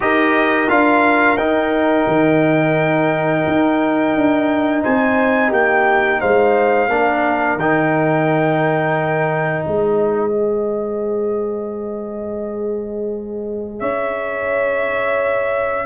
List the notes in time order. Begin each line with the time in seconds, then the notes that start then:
0.00 D#4 G4 A#4 D#5
0.68 D4 F4 F5
1.37 D#4 G5
2.07 D#3
3.46 D#4
4.15 D4
4.82 C4 C5 G#5
5.49 A#3 G4 G5
6.20 G#3 C5 F5
6.88 A#3 D4 A#4
7.55 D#3 D#4 G5
9.65 G#3 C5 D#5
10.31 G#4
13.79 C#4 C#5 E5